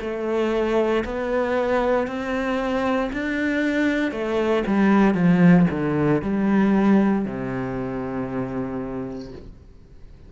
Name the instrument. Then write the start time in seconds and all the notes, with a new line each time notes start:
cello
0.00 A3
1.05 B3
2.07 C4
3.13 D4
4.11 A3
4.66 G3
5.14 F3
5.70 D3
6.22 G3
7.25 C3